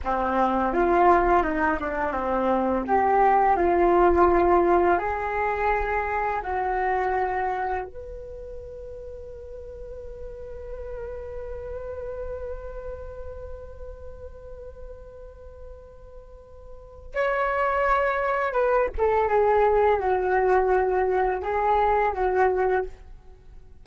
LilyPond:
\new Staff \with { instrumentName = "flute" } { \time 4/4 \tempo 4 = 84 c'4 f'4 dis'8 d'8 c'4 | g'4 f'2 gis'4~ | gis'4 fis'2 b'4~ | b'1~ |
b'1~ | b'1 | cis''2 b'8 a'8 gis'4 | fis'2 gis'4 fis'4 | }